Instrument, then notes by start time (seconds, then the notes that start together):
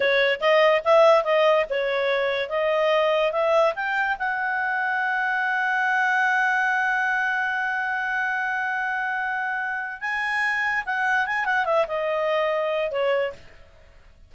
clarinet
0.00 C#5
0.40 D#5
0.84 E5
1.24 D#5
1.69 C#5
2.49 D#5
3.32 E5
3.75 G5
4.18 F#5
10.00 G#5
10.85 F#5
11.26 G#5
11.45 F#5
11.65 E5
11.87 D#5
12.91 C#5